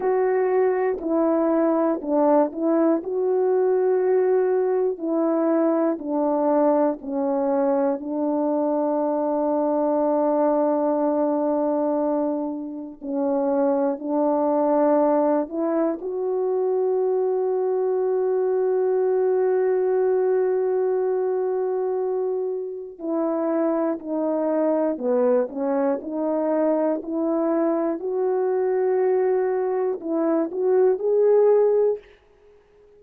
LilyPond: \new Staff \with { instrumentName = "horn" } { \time 4/4 \tempo 4 = 60 fis'4 e'4 d'8 e'8 fis'4~ | fis'4 e'4 d'4 cis'4 | d'1~ | d'4 cis'4 d'4. e'8 |
fis'1~ | fis'2. e'4 | dis'4 b8 cis'8 dis'4 e'4 | fis'2 e'8 fis'8 gis'4 | }